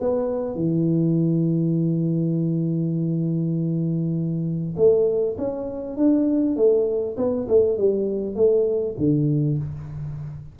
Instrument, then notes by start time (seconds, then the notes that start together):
tuba
0.00 B3
0.55 E3
4.76 A3
5.37 C#4
5.96 D4
6.56 A3
7.16 B3
7.48 A3
7.77 G3
8.35 A3
8.98 D3